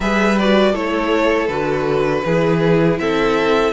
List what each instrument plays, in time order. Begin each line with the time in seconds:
0.00 cello G3, viola G#4, violin B4 E5
0.39 viola F#4, violin D5
0.72 cello A3, viola E4, violin A4 C#5
1.47 cello D3, viola F#4, violin B4
2.25 cello E3, viola E4, violin G#4
2.98 cello C4, violin A4 E5